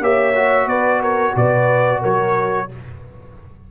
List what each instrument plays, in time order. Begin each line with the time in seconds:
0.00 tuba A#3, trombone G4, horn C#5, trumpet E5
0.35 trombone F#4
0.66 tuba B3, horn B4, trumpet D5
1.01 horn A#4, trumpet C#5
1.36 tuba B2, horn B4, trumpet D5
2.01 tuba F#3, horn A#4, trumpet C#5